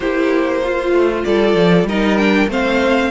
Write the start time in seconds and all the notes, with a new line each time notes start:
0.00 A#3 E4 G4 C5
0.63 F4
0.92 A3
1.24 G3 A4 D5
1.55 F3
1.83 G3 D#4 A#4 D#5
2.17 D4 G5
2.48 A3 C4 C5 F5